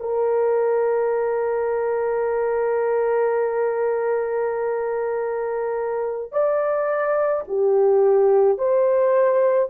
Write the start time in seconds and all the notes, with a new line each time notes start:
0.00 A#4
6.32 D5
7.47 G4
8.58 C5